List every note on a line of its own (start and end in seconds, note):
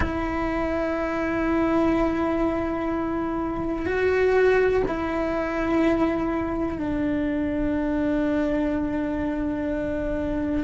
0.00 3.85 E4
3.85 4.82 F#4
4.87 6.77 E4
6.77 10.64 D4